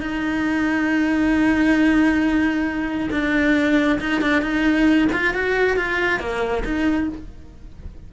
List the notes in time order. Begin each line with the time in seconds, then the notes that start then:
0.00 D#4
3.11 D4
4.00 D#4
4.21 D4
4.42 D#4
5.12 F4
5.34 F#4
5.77 F4
6.19 A#3
6.64 D#4